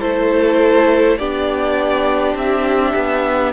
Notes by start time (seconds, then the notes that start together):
0.00 A3 E4 A4 C5
1.18 B3 D4 G4 D5
2.35 C4 E5
2.95 B3